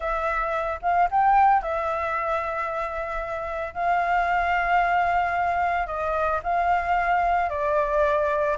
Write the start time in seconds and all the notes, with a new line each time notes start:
0.00 E5
0.82 F5
1.10 G5
1.62 E5
3.74 F5
5.86 D#5
6.43 F5
7.49 D5